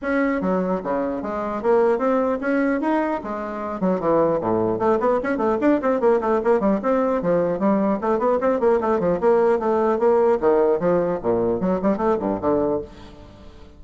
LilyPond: \new Staff \with { instrumentName = "bassoon" } { \time 4/4 \tempo 4 = 150 cis'4 fis4 cis4 gis4 | ais4 c'4 cis'4 dis'4 | gis4. fis8 e4 a,4 | a8 b8 cis'8 a8 d'8 c'8 ais8 a8 |
ais8 g8 c'4 f4 g4 | a8 b8 c'8 ais8 a8 f8 ais4 | a4 ais4 dis4 f4 | ais,4 fis8 g8 a8 g,8 d4 | }